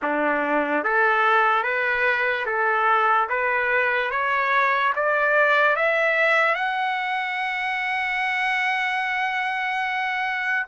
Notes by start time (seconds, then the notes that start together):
0.02 D4
0.83 A4
1.63 B4
2.46 A4
3.29 B4
4.11 C#5
4.95 D5
5.76 E5
6.55 F#5